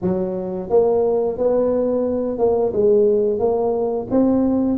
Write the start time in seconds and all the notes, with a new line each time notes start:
0.01 F#3
0.69 A#3
1.37 B3
2.38 A#3
2.72 G#3
3.39 A#3
4.10 C4